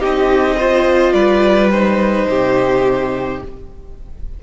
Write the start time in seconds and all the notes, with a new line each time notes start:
0.00 C4 D#4 G4 D#5
0.56 F4 C5
1.13 G3 B4 D5
1.71 D#4 C5
2.29 C3 G4